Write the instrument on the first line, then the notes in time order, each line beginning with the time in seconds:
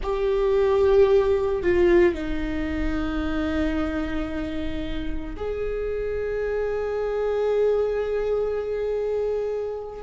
viola
0.02 G4
1.62 F4
2.14 D#4
5.36 G#4